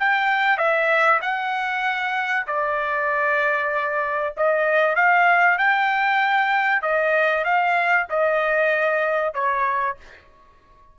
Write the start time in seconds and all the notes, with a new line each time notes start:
0.00 G5
0.58 E5
1.22 F#5
2.47 D5
4.37 D#5
4.96 F5
5.58 G5
6.82 D#5
7.45 F5
8.10 D#5
9.34 C#5